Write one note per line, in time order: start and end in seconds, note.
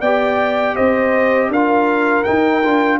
0.00 0.76 B3
0.00 1.55 G4
0.00 0.75 D5
0.00 0.76 G5
0.75 1.48 C4
0.75 1.50 C5
0.75 1.51 D#5
1.48 2.23 D4
1.48 3.00 A#4
1.48 2.24 F5
1.55 2.25 F4
2.24 2.63 D#4
2.24 2.65 D#4
2.24 2.99 G5
2.64 3.00 D4
2.64 3.00 F4